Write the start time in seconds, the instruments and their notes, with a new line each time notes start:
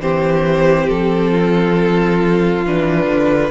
0.00 cello E3, viola C4, violin G4 C5
0.88 cello F3, violin A4
1.31 violin F4
2.66 cello E3, viola D4, violin B4
3.05 cello D3